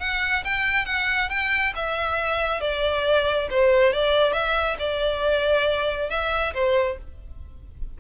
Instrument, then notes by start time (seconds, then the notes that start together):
violin
0.00 F#5
0.44 G5
0.86 F#5
1.30 G5
1.76 E5
2.61 D5
3.50 C5
3.93 D5
4.33 E5
4.79 D5
6.10 E5
6.54 C5